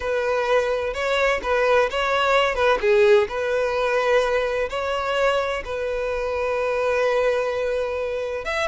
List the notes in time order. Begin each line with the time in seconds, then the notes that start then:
0.00 B4
0.93 C#5
1.42 B4
1.90 C#5
2.54 B4
2.80 G#4
3.28 B4
4.69 C#5
5.64 B4
8.44 E5